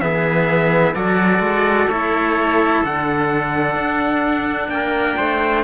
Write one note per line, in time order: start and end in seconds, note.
0.00 0.94 E3
0.00 0.95 B3
0.00 0.95 G#4
0.00 0.94 E5
0.94 1.40 F#3
0.94 1.89 F#4
0.94 4.70 A4
0.94 1.88 D5
1.40 1.87 G#3
1.88 2.81 A3
1.88 2.84 E4
1.88 2.82 C#5
2.83 3.75 D3
2.83 5.64 D4
2.83 4.69 F#5
3.75 4.68 D4
4.68 5.14 A#3
4.68 5.17 A#4
4.68 5.63 G5
5.17 5.64 A3
5.17 5.63 C5